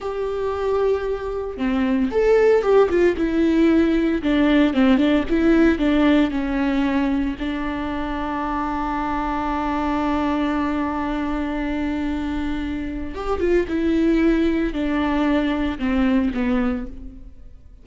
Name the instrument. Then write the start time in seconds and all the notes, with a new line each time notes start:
viola
0.00 G4
1.57 C4
2.11 A4
2.62 G4
2.89 F4
3.16 E4
4.22 D4
4.73 C4
4.97 D4
5.29 E4
5.78 D4
6.30 C#4
7.39 D4
13.14 G4
13.40 F4
13.67 E4
14.73 D4
15.78 C4
16.33 B3